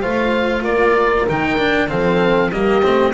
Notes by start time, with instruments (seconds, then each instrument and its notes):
0.00 double bass A3, cello F4, horn C5, oboe F5
0.62 double bass A#3, horn A#4, oboe D5
1.28 double bass D#3, cello D#4, oboe G5
1.58 cello D4
1.88 double bass F3, cello C4, horn A4, oboe F5
2.51 double bass G3, cello A#3, horn G4, oboe D#5
2.82 double bass A3, cello C4